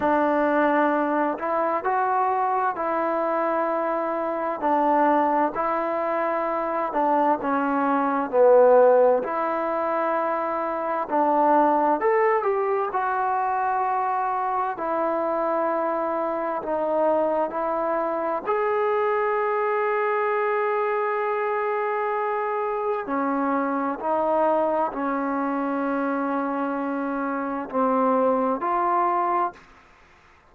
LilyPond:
\new Staff \with { instrumentName = "trombone" } { \time 4/4 \tempo 4 = 65 d'4. e'8 fis'4 e'4~ | e'4 d'4 e'4. d'8 | cis'4 b4 e'2 | d'4 a'8 g'8 fis'2 |
e'2 dis'4 e'4 | gis'1~ | gis'4 cis'4 dis'4 cis'4~ | cis'2 c'4 f'4 | }